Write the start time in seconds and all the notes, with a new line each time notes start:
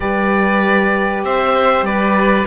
0.00 G3 G4 B4 D5
1.24 C4 C5 E5
1.82 G3 B4 D5